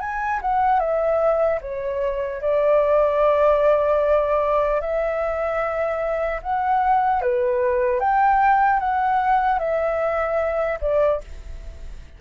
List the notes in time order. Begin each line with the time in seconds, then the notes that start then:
0.00 G#5
0.42 F#5
0.80 E5
1.61 C#5
2.41 D5
4.81 E5
6.42 F#5
7.22 B4
8.00 G5
8.79 F#5
9.59 E5
10.81 D5